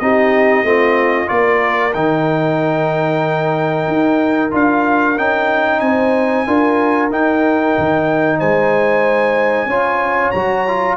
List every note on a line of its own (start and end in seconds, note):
0.00 0.63 C4
0.00 0.66 D#4
0.00 0.66 G4
0.00 1.29 D#5
0.63 1.28 A3
0.63 1.27 C4
0.63 1.31 F4
1.27 1.95 A#3
1.27 1.92 F4
1.27 5.83 A#4
1.27 1.93 D5
1.94 3.88 D#3
1.94 4.51 D#4
1.94 4.52 G5
3.88 4.52 D#4
4.51 5.18 D4
4.51 5.16 F4
4.51 5.19 F5
5.18 5.82 C#4
5.18 6.47 D#4
5.18 5.80 G5
5.80 6.46 C4
5.80 6.48 C5
5.80 7.09 G#5
6.47 7.11 D4
6.47 7.11 F4
6.47 8.39 A#4
7.11 7.75 D#4
7.11 9.69 D#4
7.11 8.40 G5
7.78 8.42 D#3
8.39 9.66 G#3
8.39 9.68 C5
8.39 10.31 G#5
9.66 10.31 C#4
9.66 10.35 F4
9.66 10.97 C#5
10.31 10.97 F#3
10.31 10.68 F#4
10.31 10.96 A#5
10.68 10.97 F4